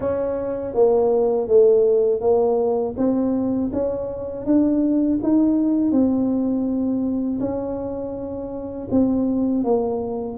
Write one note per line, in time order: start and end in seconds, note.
0.00 0.74 C#4
0.74 1.47 A#3
1.47 2.20 A3
2.20 2.95 A#3
2.97 3.71 C4
3.72 4.45 C#4
4.45 5.19 D4
5.23 5.91 D#4
5.91 7.39 C4
7.39 8.88 C#4
8.90 9.64 C4
9.64 10.37 A#3